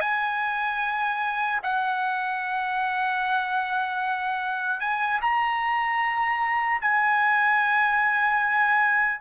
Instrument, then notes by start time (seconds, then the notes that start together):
trumpet
0.00 G#5
1.63 F#5
4.80 G#5
5.21 A#5
6.81 G#5